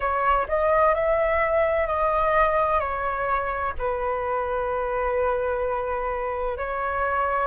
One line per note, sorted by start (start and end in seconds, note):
0.00 0.46 C#5
0.48 0.94 D#5
0.94 1.86 E5
1.86 2.79 D#5
2.79 3.73 C#5
3.78 6.57 B4
6.57 7.47 C#5